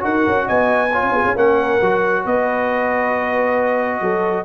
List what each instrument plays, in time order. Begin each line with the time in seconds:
0.00 tuba D#4, trombone F#4, horn A#4, trumpet F#5
0.27 tuba C#4
0.45 tuba B3, horn D#5, trumpet G#5
0.92 trombone F4, horn C#5
1.03 tuba C#4
1.12 tuba B3, horn G#4
1.24 tuba C#4
1.36 tuba A#3, trombone C#4, horn A#4, trumpet F#5
1.81 tuba F#3, trombone F#4
2.24 tuba B3, horn B4, trumpet D#5
4.01 tuba F#3, horn A4